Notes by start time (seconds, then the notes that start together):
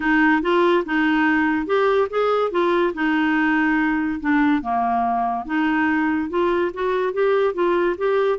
0.00 D#4
0.42 F4
0.85 D#4
1.66 G4
2.09 G#4
2.51 F4
2.94 D#4
4.20 D4
4.62 A#3
5.45 D#4
6.29 F4
6.73 F#4
7.13 G4
7.54 F4
7.97 G4